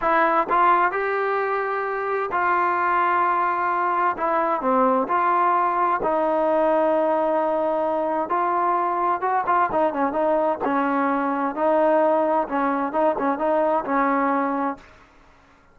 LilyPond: \new Staff \with { instrumentName = "trombone" } { \time 4/4 \tempo 4 = 130 e'4 f'4 g'2~ | g'4 f'2.~ | f'4 e'4 c'4 f'4~ | f'4 dis'2.~ |
dis'2 f'2 | fis'8 f'8 dis'8 cis'8 dis'4 cis'4~ | cis'4 dis'2 cis'4 | dis'8 cis'8 dis'4 cis'2 | }